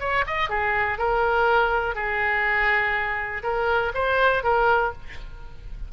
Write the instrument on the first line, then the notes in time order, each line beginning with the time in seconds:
oboe
0.00 C#5
0.27 D#5
0.49 G#4
0.98 A#4
1.95 G#4
3.43 A#4
3.94 C5
4.44 A#4